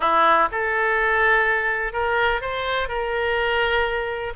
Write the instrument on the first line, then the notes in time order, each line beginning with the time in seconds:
oboe
0.00 E4
0.51 A4
1.92 A#4
2.41 C5
2.88 A#4